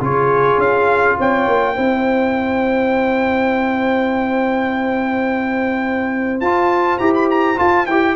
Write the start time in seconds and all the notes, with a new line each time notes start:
0.00 C#3 F4 G#4 C#5
0.57 C#4 F5
1.17 C4 C#5 G5
1.47 A#3
1.74 C4 E4 C5
6.40 F4 A5
6.98 E4 G4 A#5
7.14 B5
7.30 A#5
7.56 F4 A5
7.86 E4 G4 G5